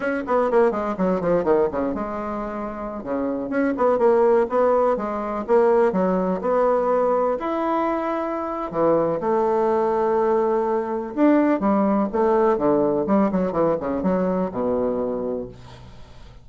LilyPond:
\new Staff \with { instrumentName = "bassoon" } { \time 4/4 \tempo 4 = 124 cis'8 b8 ais8 gis8 fis8 f8 dis8 cis8 | gis2~ gis16 cis4 cis'8 b16~ | b16 ais4 b4 gis4 ais8.~ | ais16 fis4 b2 e'8.~ |
e'2 e4 a4~ | a2. d'4 | g4 a4 d4 g8 fis8 | e8 cis8 fis4 b,2 | }